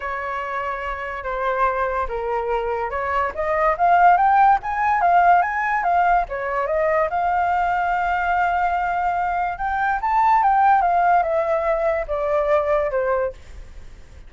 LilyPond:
\new Staff \with { instrumentName = "flute" } { \time 4/4 \tempo 4 = 144 cis''2. c''4~ | c''4 ais'2 cis''4 | dis''4 f''4 g''4 gis''4 | f''4 gis''4 f''4 cis''4 |
dis''4 f''2.~ | f''2. g''4 | a''4 g''4 f''4 e''4~ | e''4 d''2 c''4 | }